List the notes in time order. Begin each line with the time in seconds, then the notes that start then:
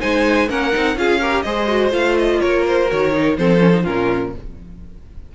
0.00 G#3 D#4 C5 G#5
0.48 A#3 C#4 A#4 F#5
0.72 C4 D#4
0.96 C#4 F4 G#4 F5
1.20 G4 A#4
1.42 G#3 G#4 C5 D#5
1.68 F#4
1.91 A3 F4 F5
2.18 D#5
2.40 A#3 A#4 C#5
2.67 C5
2.88 D#3 F#4 C#5
3.12 D#4
3.37 F3 C4 A4 C5
3.59 C#4
3.73 D#4
3.83 A#2 C#4 F4 A#4